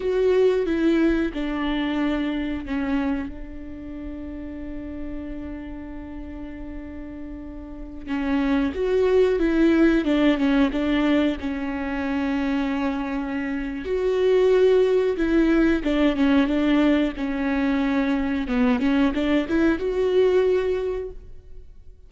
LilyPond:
\new Staff \with { instrumentName = "viola" } { \time 4/4 \tempo 4 = 91 fis'4 e'4 d'2 | cis'4 d'2.~ | d'1~ | d'16 cis'4 fis'4 e'4 d'8 cis'16~ |
cis'16 d'4 cis'2~ cis'8.~ | cis'4 fis'2 e'4 | d'8 cis'8 d'4 cis'2 | b8 cis'8 d'8 e'8 fis'2 | }